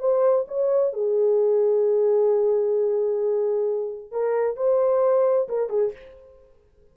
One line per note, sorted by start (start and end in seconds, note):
0.00 0.46 C5
0.48 0.93 C#5
0.93 4.12 G#4
4.12 4.57 A#4
4.57 5.49 C5
5.49 5.70 A#4
5.70 5.93 G#4